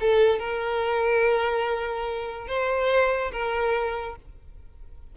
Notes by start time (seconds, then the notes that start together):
0.00 A4
0.39 A#4
2.47 C5
3.32 A#4